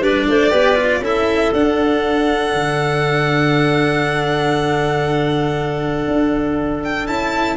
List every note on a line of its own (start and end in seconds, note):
0.00 0.25 G3
0.00 0.51 D4
0.00 0.26 B4
0.00 1.04 D5
0.28 0.52 A3
0.28 0.50 C5
0.50 1.00 B3
0.50 0.75 G4
0.50 1.01 B4
0.75 1.00 F4
1.00 1.50 C#4
1.00 1.54 E4
1.00 7.56 A4
1.00 1.53 E5
1.52 2.53 D4
1.52 7.07 D4
1.52 6.83 F#5
2.53 6.06 D3
6.07 7.07 D4
6.84 7.07 G5
7.07 7.56 C#4
7.07 7.56 E4
7.07 7.56 A5